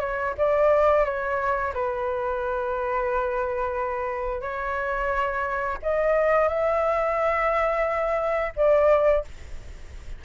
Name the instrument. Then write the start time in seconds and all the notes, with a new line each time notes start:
flute
0.00 C#5
0.37 D5
1.05 C#5
1.74 B4
4.41 C#5
5.82 D#5
6.48 E5
8.56 D5